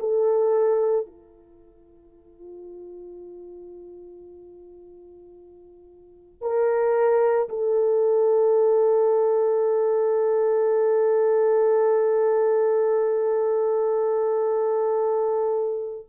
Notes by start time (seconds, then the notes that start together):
0.00 A4
1.07 F4
6.41 A#4
7.50 A4